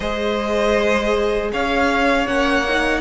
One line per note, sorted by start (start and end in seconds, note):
0.00 1.51 G#3
0.00 2.26 G#4
0.00 1.51 C5
0.00 1.50 D#5
1.52 2.26 C#4
1.52 3.00 C#5
1.52 2.27 F5
2.26 3.00 A#3
2.26 2.64 C#4
2.26 3.00 F#5
2.68 3.00 D#4